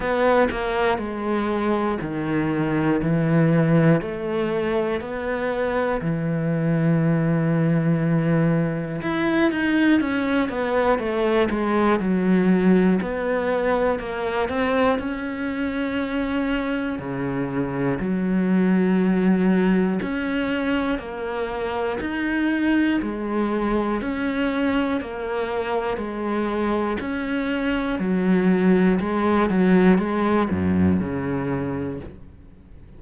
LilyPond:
\new Staff \with { instrumentName = "cello" } { \time 4/4 \tempo 4 = 60 b8 ais8 gis4 dis4 e4 | a4 b4 e2~ | e4 e'8 dis'8 cis'8 b8 a8 gis8 | fis4 b4 ais8 c'8 cis'4~ |
cis'4 cis4 fis2 | cis'4 ais4 dis'4 gis4 | cis'4 ais4 gis4 cis'4 | fis4 gis8 fis8 gis8 fis,8 cis4 | }